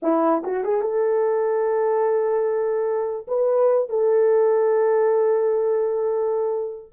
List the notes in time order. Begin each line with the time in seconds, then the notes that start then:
0.02 E4
0.44 F#4
0.64 G#4
0.81 A4
3.27 B4
3.89 A4